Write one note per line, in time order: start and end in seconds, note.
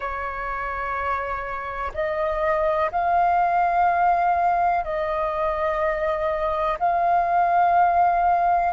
0.00 1.91 C#5
1.94 2.90 D#5
2.91 4.84 F5
4.84 6.77 D#5
6.79 8.72 F5